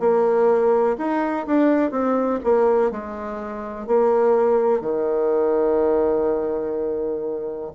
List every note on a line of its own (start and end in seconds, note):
0.00 0.97 A#3
0.98 1.46 D#4
1.47 1.91 D4
1.91 2.39 C4
2.44 2.91 A#3
2.91 3.87 G#3
3.87 4.81 A#3
4.81 7.72 D#3